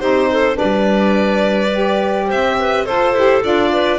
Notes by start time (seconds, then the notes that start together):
0.00 C4 D#4 G4 C5
0.31 A4
0.53 D4 B4 D5
0.62 G3
1.73 G4
2.27 C4 C5 E5
2.59 B4
2.85 F4 A4 C5
3.14 E4 G4
3.42 D4 F4 D5
3.72 B4